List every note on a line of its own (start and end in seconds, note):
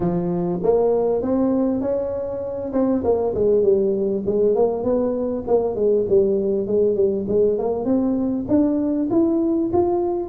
0.00 0.60 F3
0.62 1.21 A#3
1.21 1.81 C4
1.81 2.72 C#4
2.72 3.03 C4
3.03 3.34 A#3
3.34 3.63 G#3
3.63 4.23 G3
4.26 4.55 G#3
4.55 4.83 A#3
4.83 5.44 B3
5.47 5.75 A#3
5.75 6.05 G#3
6.09 6.67 G3
6.67 6.95 G#3
6.95 7.25 G3
7.28 7.58 G#3
7.58 7.85 A#3
7.85 8.45 C4
8.48 9.08 D4
9.10 9.71 E4
9.72 10.29 F4